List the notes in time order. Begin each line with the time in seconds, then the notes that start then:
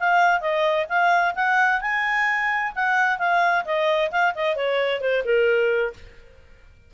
0.00 F5
0.41 D#5
0.89 F5
1.35 F#5
1.81 G#5
2.75 F#5
3.19 F5
3.65 D#5
4.12 F5
4.35 D#5
4.56 C#5
5.01 C5
5.25 A#4